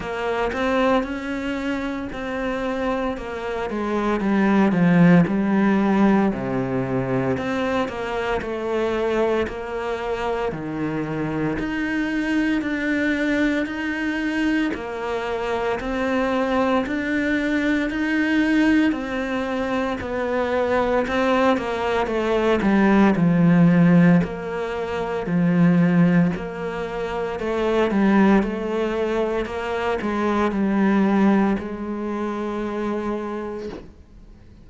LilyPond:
\new Staff \with { instrumentName = "cello" } { \time 4/4 \tempo 4 = 57 ais8 c'8 cis'4 c'4 ais8 gis8 | g8 f8 g4 c4 c'8 ais8 | a4 ais4 dis4 dis'4 | d'4 dis'4 ais4 c'4 |
d'4 dis'4 c'4 b4 | c'8 ais8 a8 g8 f4 ais4 | f4 ais4 a8 g8 a4 | ais8 gis8 g4 gis2 | }